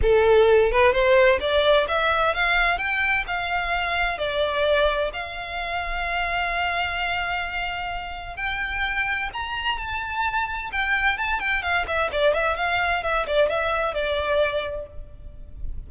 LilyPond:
\new Staff \with { instrumentName = "violin" } { \time 4/4 \tempo 4 = 129 a'4. b'8 c''4 d''4 | e''4 f''4 g''4 f''4~ | f''4 d''2 f''4~ | f''1~ |
f''2 g''2 | ais''4 a''2 g''4 | a''8 g''8 f''8 e''8 d''8 e''8 f''4 | e''8 d''8 e''4 d''2 | }